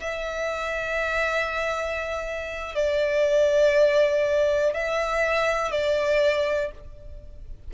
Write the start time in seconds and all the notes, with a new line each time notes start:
0.00 E5
2.75 D5
4.74 E5
5.71 D5